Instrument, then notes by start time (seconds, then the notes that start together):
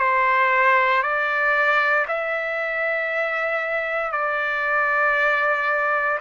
trumpet
0.00 C5
1.03 D5
2.08 E5
4.12 D5